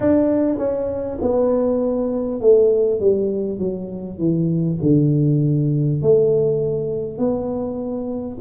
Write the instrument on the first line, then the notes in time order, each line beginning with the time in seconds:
tuba
0.00 D4
0.57 C#4
1.21 B3
2.40 A3
3.00 G3
3.58 F#3
4.18 E3
4.82 D3
6.02 A3
7.17 B3